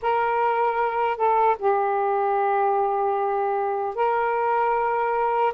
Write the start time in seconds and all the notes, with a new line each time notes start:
0.01 A#4
1.17 A4
1.59 G4
3.95 A#4